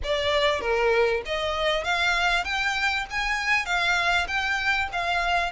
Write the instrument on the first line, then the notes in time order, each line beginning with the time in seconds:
violin
0.03 D5
0.60 A#4
1.25 D#5
1.83 F5
2.44 G5
3.10 G#5
3.65 F5
4.27 G5
4.92 F5